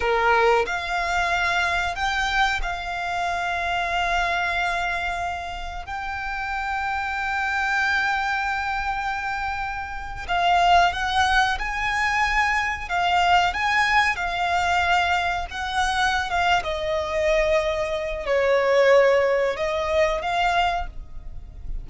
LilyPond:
\new Staff \with { instrumentName = "violin" } { \time 4/4 \tempo 4 = 92 ais'4 f''2 g''4 | f''1~ | f''4 g''2.~ | g''2.~ g''8. f''16~ |
f''8. fis''4 gis''2 f''16~ | f''8. gis''4 f''2 fis''16~ | fis''4 f''8 dis''2~ dis''8 | cis''2 dis''4 f''4 | }